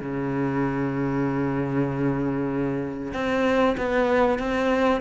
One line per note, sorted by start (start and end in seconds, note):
0.00 3.12 C#3
3.13 3.76 C4
3.77 4.38 B3
4.38 5.01 C4